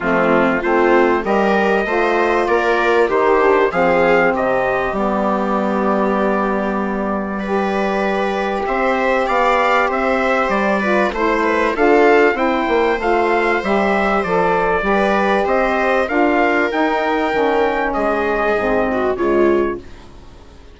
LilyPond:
<<
  \new Staff \with { instrumentName = "trumpet" } { \time 4/4 \tempo 4 = 97 f'4 c''4 dis''2 | d''4 c''4 f''4 dis''4 | d''1~ | d''2 e''4 f''4 |
e''4 d''4 c''4 f''4 | g''4 f''4 e''4 d''4~ | d''4 dis''4 f''4 g''4~ | g''4 dis''2 cis''4 | }
  \new Staff \with { instrumentName = "viola" } { \time 4/4 c'4 f'4 ais'4 c''4 | ais'4 g'4 gis'4 g'4~ | g'1 | b'2 c''4 d''4 |
c''4. b'8 c''8 b'8 a'4 | c''1 | b'4 c''4 ais'2~ | ais'4 gis'4. fis'8 f'4 | }
  \new Staff \with { instrumentName = "saxophone" } { \time 4/4 a4 c'4 g'4 f'4~ | f'4 dis'8 d'8 c'2 | b1 | g'1~ |
g'4. f'8 e'4 f'4 | e'4 f'4 g'4 a'4 | g'2 f'4 dis'4 | cis'2 c'4 gis4 | }
  \new Staff \with { instrumentName = "bassoon" } { \time 4/4 f4 a4 g4 a4 | ais4 dis4 f4 c4 | g1~ | g2 c'4 b4 |
c'4 g4 a4 d'4 | c'8 ais8 a4 g4 f4 | g4 c'4 d'4 dis'4 | dis4 gis4 gis,4 cis4 | }
>>